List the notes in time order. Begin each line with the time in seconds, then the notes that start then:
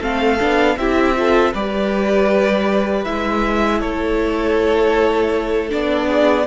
0.00 A3 C4 A4 F5
0.40 B3 D4
0.77 C4 E4 G4 E5
1.16 F4 A4
1.53 G3 G4 B4 D5
3.05 G#3 E4 E5
3.79 A3 A4 C#5
5.70 B3 D4 D5
6.07 G#4